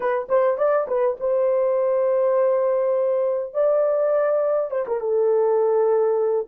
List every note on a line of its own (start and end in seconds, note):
0.00 0.27 B4
0.28 0.57 C5
0.57 0.87 D5
0.87 1.17 B4
1.20 3.53 C5
3.53 4.71 D5
4.71 4.85 C5
4.87 5.00 A#4
5.00 6.47 A4